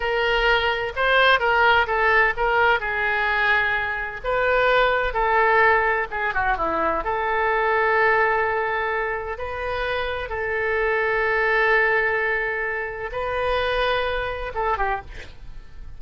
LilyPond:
\new Staff \with { instrumentName = "oboe" } { \time 4/4 \tempo 4 = 128 ais'2 c''4 ais'4 | a'4 ais'4 gis'2~ | gis'4 b'2 a'4~ | a'4 gis'8 fis'8 e'4 a'4~ |
a'1 | b'2 a'2~ | a'1 | b'2. a'8 g'8 | }